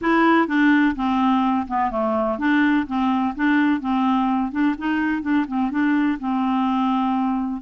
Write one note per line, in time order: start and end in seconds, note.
0.01 0.47 E4
0.47 0.95 D4
0.95 1.67 C4
1.67 1.90 B3
1.90 2.38 A3
2.38 2.86 D4
2.86 3.34 C4
3.35 3.80 D4
3.80 4.51 C4
4.51 4.75 D4
4.77 5.21 D#4
5.21 5.45 D4
5.47 5.70 C4
5.70 6.18 D4
6.19 7.61 C4